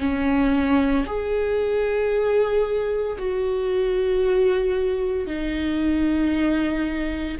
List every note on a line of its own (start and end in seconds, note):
0.00 1.05 C#4
1.06 3.17 G#4
3.18 5.27 F#4
5.27 7.37 D#4